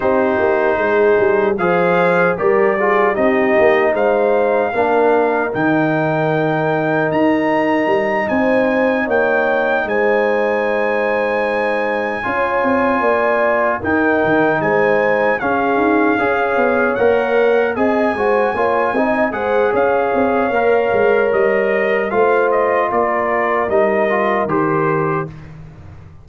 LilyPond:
<<
  \new Staff \with { instrumentName = "trumpet" } { \time 4/4 \tempo 4 = 76 c''2 f''4 d''4 | dis''4 f''2 g''4~ | g''4 ais''4. gis''4 g''8~ | g''8 gis''2.~ gis''8~ |
gis''4. g''4 gis''4 f''8~ | f''4. fis''4 gis''4.~ | gis''8 fis''8 f''2 dis''4 | f''8 dis''8 d''4 dis''4 c''4 | }
  \new Staff \with { instrumentName = "horn" } { \time 4/4 g'4 gis'4 c''4 ais'8 gis'8 | g'4 c''4 ais'2~ | ais'2~ ais'8 c''4 cis''8~ | cis''8 c''2. cis''8~ |
cis''8 d''4 ais'4 c''4 gis'8~ | gis'8 cis''2 dis''8 c''8 cis''8 | dis''8 c''8 cis''2. | c''4 ais'2. | }
  \new Staff \with { instrumentName = "trombone" } { \time 4/4 dis'2 gis'4 g'8 f'8 | dis'2 d'4 dis'4~ | dis'1~ | dis'2.~ dis'8 f'8~ |
f'4. dis'2 cis'8~ | cis'8 gis'4 ais'4 gis'8 fis'8 f'8 | dis'8 gis'4. ais'2 | f'2 dis'8 f'8 g'4 | }
  \new Staff \with { instrumentName = "tuba" } { \time 4/4 c'8 ais8 gis8 g8 f4 g4 | c'8 ais8 gis4 ais4 dis4~ | dis4 dis'4 g8 c'4 ais8~ | ais8 gis2. cis'8 |
c'8 ais4 dis'8 dis8 gis4 cis'8 | dis'8 cis'8 b8 ais4 c'8 gis8 ais8 | c'8 gis8 cis'8 c'8 ais8 gis8 g4 | a4 ais4 g4 dis4 | }
>>